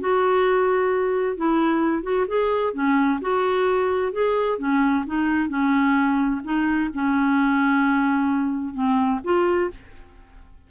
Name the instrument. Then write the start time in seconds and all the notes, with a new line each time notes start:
clarinet
0.00 F#4
1.37 E4
2.03 F#4
2.28 G#4
2.74 C#4
3.21 F#4
4.12 G#4
4.59 C#4
5.07 D#4
5.49 C#4
6.44 D#4
6.94 C#4
8.74 C4
9.24 F4